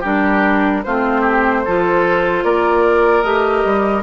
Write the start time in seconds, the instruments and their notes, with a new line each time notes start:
0.00 bassoon G3, clarinet D4, oboe G4, flute A#4
0.83 bassoon A3, clarinet C4, oboe F4, flute C5
1.21 oboe G4
1.65 bassoon F3, clarinet F4, oboe A4
2.43 bassoon A#3, oboe A#4, flute D5
3.22 bassoon A3, clarinet G4, flute D#5
3.65 bassoon G3